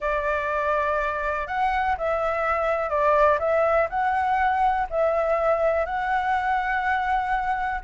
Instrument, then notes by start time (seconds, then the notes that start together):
flute
0.00 D5
1.47 F#5
1.97 E5
2.89 D5
3.39 E5
3.89 F#5
4.90 E5
5.85 F#5